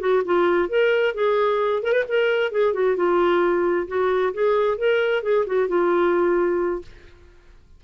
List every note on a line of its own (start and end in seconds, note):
0.00 0.23 F#4
0.25 0.69 F4
0.69 1.14 A#4
1.15 1.83 G#4
1.83 1.93 A#4
1.93 2.04 B4
2.08 2.52 A#4
2.52 2.74 G#4
2.74 2.96 F#4
2.96 3.87 F4
3.88 4.33 F#4
4.34 4.78 G#4
4.78 5.23 A#4
5.23 5.45 G#4
5.46 5.69 F#4
5.69 6.82 F4